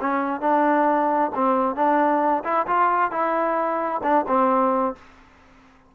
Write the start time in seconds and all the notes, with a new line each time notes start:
0.00 C#4
0.40 D4
1.34 C4
1.75 D4
2.44 E4
2.66 F4
3.11 E4
4.03 D4
4.27 C4